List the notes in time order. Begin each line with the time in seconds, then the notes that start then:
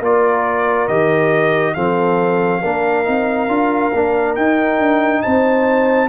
0.00 A#3 F4 A#4 D5
0.88 D#3 G4 D#5
1.74 F3 C4 A4 F5
2.61 A#3 D4 A#4
3.05 C4 D#4
3.48 D4 F4
3.94 A#3 D4
4.36 D#4 G5
4.79 D4
5.22 C4 C5 A5